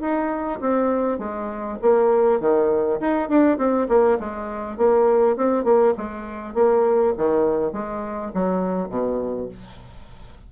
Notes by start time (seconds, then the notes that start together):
0.00 D#4
0.60 C4
1.19 G#3
1.81 A#3
2.40 D#3
3.00 D#4
3.29 D4
3.58 C4
3.88 A#3
4.19 G#3
4.77 A#3
5.36 C4
5.64 A#3
5.97 G#3
6.54 A#3
7.17 D#3
7.72 G#3
8.33 F#3
8.89 B2